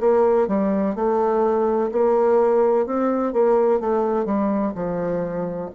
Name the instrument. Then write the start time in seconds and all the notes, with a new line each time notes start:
bassoon
0.00 A#3
0.48 G3
0.95 A3
1.92 A#3
2.86 C4
3.32 A#3
3.80 A3
4.25 G3
4.75 F3